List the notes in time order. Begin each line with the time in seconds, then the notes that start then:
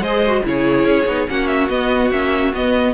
0.00 G#3 G#4 C5 D#5
0.27 F#4
0.44 C#3 E4 G#4 C#5
0.85 C#4
1.06 B3 D#4
1.28 A#3 C#4 F#4 F#5
1.47 E5
1.69 B3 D#5
2.11 A#3 C#4 E5
2.54 B3 D#5